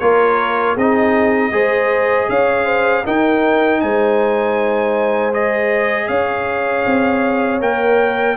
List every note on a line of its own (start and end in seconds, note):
0.00 0.76 A#3
0.00 0.78 F4
0.00 0.74 A#4
0.00 0.76 C#5
0.74 1.52 C4
0.74 1.52 D#4
0.74 1.50 G#4
0.74 2.29 D#5
1.52 2.28 G#3
1.52 3.04 G#4
1.52 2.29 C5
2.29 3.05 C#4
2.29 2.65 C#5
2.29 3.05 F5
2.65 3.03 C5
3.05 5.33 D#4
3.05 3.83 D#4
3.05 3.81 A#4
3.05 3.81 G5
3.81 6.09 G#3
3.81 6.08 C5
3.81 5.33 G#5
5.33 7.61 G#4
5.33 6.08 D#5
6.08 6.85 C#4
6.08 8.36 C#5
6.08 7.60 F5
6.85 7.61 C4
7.61 8.37 A#3
7.61 8.37 A#4
7.61 8.37 G5